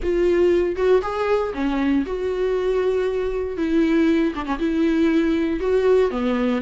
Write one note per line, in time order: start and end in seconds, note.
0.03 0.76 F4
0.76 1.01 F#4
1.02 1.53 G#4
1.54 2.05 C#4
2.05 3.57 F#4
3.57 4.33 E4
4.35 4.45 D4
4.45 4.58 C#4
4.58 5.60 E4
5.60 6.10 F#4
6.10 6.61 B3